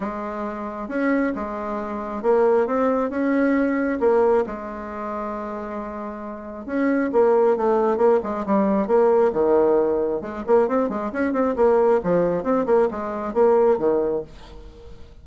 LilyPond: \new Staff \with { instrumentName = "bassoon" } { \time 4/4 \tempo 4 = 135 gis2 cis'4 gis4~ | gis4 ais4 c'4 cis'4~ | cis'4 ais4 gis2~ | gis2. cis'4 |
ais4 a4 ais8 gis8 g4 | ais4 dis2 gis8 ais8 | c'8 gis8 cis'8 c'8 ais4 f4 | c'8 ais8 gis4 ais4 dis4 | }